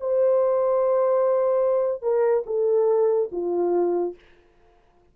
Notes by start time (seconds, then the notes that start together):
0.00 C5
2.02 A#4
2.46 A4
3.32 F4